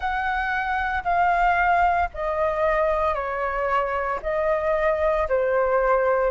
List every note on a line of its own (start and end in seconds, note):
0.00 1.03 F#5
1.04 2.09 F5
2.13 3.14 D#5
3.14 4.19 C#5
4.22 5.27 D#5
5.28 6.31 C5